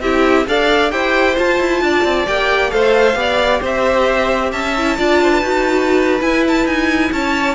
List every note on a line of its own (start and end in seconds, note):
0.00 0.45 C4
0.00 0.46 E4
0.00 0.47 G4
0.00 0.46 E5
0.46 0.91 D4
0.46 0.90 A4
0.46 0.92 D5
0.46 0.91 F5
0.90 1.37 E4
0.90 1.35 G4
0.90 1.82 C5
0.90 1.36 G5
1.36 2.27 F4
1.36 1.59 F4
1.36 2.27 A5
1.59 1.81 E4
1.81 2.04 D4
1.81 2.73 D5
2.04 2.26 C4
2.27 2.72 A#3
2.27 2.70 G4
2.27 2.70 G5
2.70 3.15 A3
2.70 3.15 A4
2.70 3.18 C5
2.70 3.61 F5
3.15 3.60 B3
3.15 4.73 G4
3.15 3.60 D5
3.60 4.52 C4
3.60 4.51 C5
3.60 4.52 E5
4.52 4.98 C#4
4.52 4.97 E5
4.52 6.21 A5
4.77 4.98 E4
4.97 5.42 D4
4.97 5.42 F4
4.97 5.20 D5
5.23 5.30 C5
5.30 7.11 B4
5.42 6.21 D#4
5.42 6.20 F#4
6.20 7.55 E4
6.20 6.65 E4
6.20 6.44 G#5
6.48 6.67 A5
6.65 7.11 D#4
6.65 7.12 G#5
7.12 7.55 C#4
7.12 7.55 C#5
7.12 7.55 A5